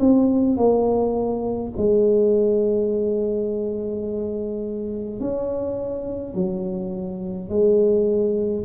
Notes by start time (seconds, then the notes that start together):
0.00 C4
0.57 A#3
1.77 G#3
5.20 C#4
6.35 F#3
7.49 G#3